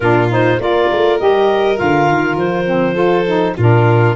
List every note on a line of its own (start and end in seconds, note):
0.00 0.58 A#2
0.00 0.29 D4
0.00 0.60 F4
0.00 0.29 A#4
0.29 0.59 D#4
0.29 0.60 C5
0.58 0.88 A#3
0.58 1.19 F4
0.58 2.94 A#4
0.58 1.19 D5
0.91 1.20 A3
1.19 1.80 G3
1.19 1.75 G4
1.19 1.77 D#5
1.75 2.08 D3
1.75 2.64 F4
1.75 2.37 F5
2.08 2.36 D#3
2.36 3.55 F3
2.36 3.56 C5
2.65 2.94 C4
2.94 3.24 F4
2.94 3.53 A4
3.26 3.56 D#4
3.56 4.16 A#2
3.56 4.16 D4
3.56 4.16 F4
3.56 4.16 A#4